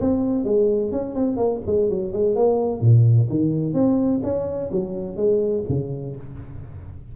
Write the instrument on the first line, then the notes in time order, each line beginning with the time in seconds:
tuba
0.00 C4
0.44 G#3
0.91 C#4
1.15 C4
1.37 A#3
1.66 G#3
1.89 F#3
2.13 G#3
2.35 A#3
2.80 A#2
3.29 D#3
3.73 C4
4.23 C#4
4.71 F#3
5.16 G#3
5.68 C#3